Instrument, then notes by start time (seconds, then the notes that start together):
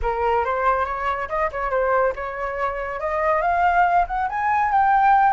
flute
0.02 A#4
0.44 C5
0.85 C#5
1.29 D#5
1.51 C#5
1.70 C5
2.15 C#5
3.00 D#5
3.41 F5
4.07 F#5
4.29 G#5
4.71 G5